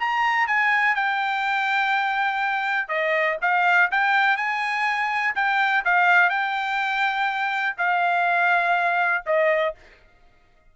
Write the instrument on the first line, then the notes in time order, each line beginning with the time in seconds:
trumpet
0.00 A#5
0.47 G#5
0.96 G5
2.89 D#5
3.42 F5
3.92 G5
4.37 G#5
5.36 G5
5.85 F5
6.30 G5
7.78 F5
9.27 D#5